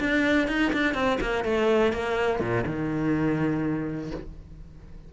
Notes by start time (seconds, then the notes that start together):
0.00 D4
0.48 D#4
0.73 D4
0.95 C4
1.21 A#3
1.45 A3
1.93 A#3
2.40 A#2
2.66 D#3